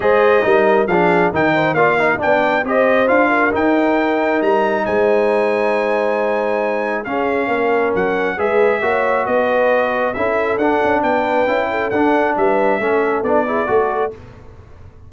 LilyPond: <<
  \new Staff \with { instrumentName = "trumpet" } { \time 4/4 \tempo 4 = 136 dis''2 f''4 g''4 | f''4 g''4 dis''4 f''4 | g''2 ais''4 gis''4~ | gis''1 |
f''2 fis''4 e''4~ | e''4 dis''2 e''4 | fis''4 g''2 fis''4 | e''2 d''2 | }
  \new Staff \with { instrumentName = "horn" } { \time 4/4 c''4 ais'4 gis'4 ais'8 c''8 | d''8 dis''8 d''4 c''4. ais'8~ | ais'2. c''4~ | c''1 |
gis'4 ais'2 b'4 | cis''4 b'2 a'4~ | a'4 b'4. a'4. | b'4 a'4. gis'8 a'4 | }
  \new Staff \with { instrumentName = "trombone" } { \time 4/4 gis'4 dis'4 d'4 dis'4 | f'8 dis'8 d'4 g'4 f'4 | dis'1~ | dis'1 |
cis'2. gis'4 | fis'2. e'4 | d'2 e'4 d'4~ | d'4 cis'4 d'8 e'8 fis'4 | }
  \new Staff \with { instrumentName = "tuba" } { \time 4/4 gis4 g4 f4 dis4 | ais4 b4 c'4 d'4 | dis'2 g4 gis4~ | gis1 |
cis'4 ais4 fis4 gis4 | ais4 b2 cis'4 | d'8 cis'8 b4 cis'4 d'4 | g4 a4 b4 a4 | }
>>